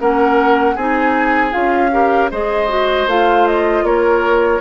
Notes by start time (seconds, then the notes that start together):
0.00 A#3 C#4 A#4 F#5
0.76 C4 D#4 G#4 G#5
1.52 C#4 F4 F5
1.92 G4 A#4
2.31 G#3 G#4 C5 D#5
2.69 F#4
3.07 A3 F4 F5
3.48 D#5
3.84 A#3 A#4 C#5